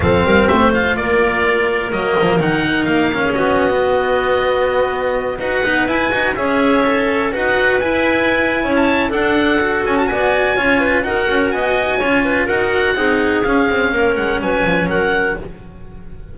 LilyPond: <<
  \new Staff \with { instrumentName = "oboe" } { \time 4/4 \tempo 4 = 125 f''4 e''8 f''8 d''2 | dis''4 fis''4 f''4 dis''4~ | dis''2.~ dis''16 fis''8.~ | fis''16 gis''4 e''2 fis''8.~ |
fis''16 gis''2 a''8. fis''4~ | fis''8 gis''16 a''16 gis''2 fis''4 | gis''2 fis''2 | f''4. fis''8 gis''4 fis''4 | }
  \new Staff \with { instrumentName = "clarinet" } { \time 4/4 a'8 ais'8 c''4 ais'2~ | ais'2~ ais'8. gis'16 fis'4~ | fis'2.~ fis'16 b'8.~ | b'4~ b'16 cis''2 b'8.~ |
b'2 cis''4 a'4~ | a'4 d''4 cis''8 b'8 ais'4 | dis''4 cis''8 b'8 ais'4 gis'4~ | gis'4 ais'4 b'4 ais'4 | }
  \new Staff \with { instrumentName = "cello" } { \time 4/4 c'4. f'2~ f'8 | ais4 dis'4. cis'4~ cis'16 b16~ | b2.~ b16 fis'8 dis'16~ | dis'16 e'8 fis'8 gis'4 a'4 fis'8.~ |
fis'16 e'2~ e'8. d'4 | fis'2 f'4 fis'4~ | fis'4 f'4 fis'4 dis'4 | cis'1 | }
  \new Staff \with { instrumentName = "double bass" } { \time 4/4 f8 g8 a4 ais2 | fis8 f8 dis4 ais4 b4~ | b2.~ b16 dis'8 b16~ | b16 e'8 dis'8 cis'2 dis'8.~ |
dis'16 e'4.~ e'16 cis'4 d'4~ | d'8 cis'8 b4 cis'4 dis'8 cis'8 | b4 cis'4 dis'4 c'4 | cis'8 c'8 ais8 gis8 fis8 f8 fis4 | }
>>